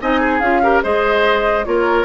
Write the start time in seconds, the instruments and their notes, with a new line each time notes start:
0.00 bassoon C4, clarinet D#4, oboe D#5, flute G#5
0.20 oboe G#4
0.39 bassoon C#4, clarinet F4, flute F5
0.62 clarinet G4, oboe A#4
0.83 bassoon G#3, clarinet G#4, oboe C5, flute D#5
1.64 bassoon A#3, clarinet F4, oboe A#4, flute C#5